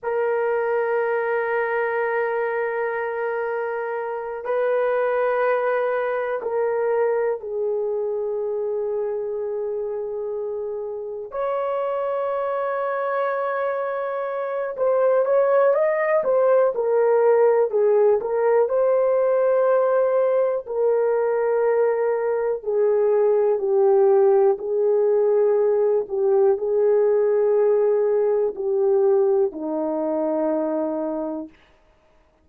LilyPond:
\new Staff \with { instrumentName = "horn" } { \time 4/4 \tempo 4 = 61 ais'1~ | ais'8 b'2 ais'4 gis'8~ | gis'2.~ gis'8 cis''8~ | cis''2. c''8 cis''8 |
dis''8 c''8 ais'4 gis'8 ais'8 c''4~ | c''4 ais'2 gis'4 | g'4 gis'4. g'8 gis'4~ | gis'4 g'4 dis'2 | }